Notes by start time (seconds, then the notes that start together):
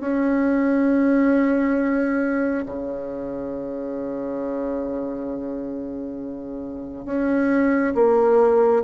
0.00 C#4
2.66 C#3
7.05 C#4
7.95 A#3